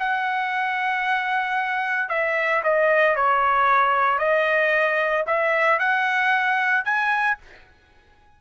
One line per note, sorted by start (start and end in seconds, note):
0.00 2.09 F#5
2.09 2.63 E5
2.64 3.16 D#5
3.16 4.19 C#5
4.19 5.25 D#5
5.27 5.79 E5
5.79 6.85 F#5
6.85 7.38 G#5